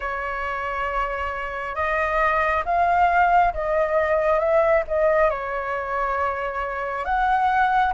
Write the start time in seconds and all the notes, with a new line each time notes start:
0.00 C#5
1.75 D#5
2.65 F5
3.53 D#5
4.39 E5
4.87 D#5
5.29 C#5
7.05 F#5